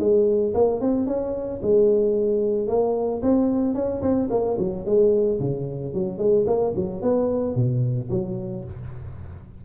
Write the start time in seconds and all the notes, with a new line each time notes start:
0.00 G#3
0.55 A#3
0.81 C4
1.07 C#4
1.62 G#3
2.68 A#3
3.23 C4
3.75 C#4
4.02 C4
4.30 A#3
4.59 F#3
4.86 G#3
5.40 C#3
5.94 F#3
6.19 G#3
6.47 A#3
6.76 F#3
7.02 B3
7.56 B2
8.11 F#3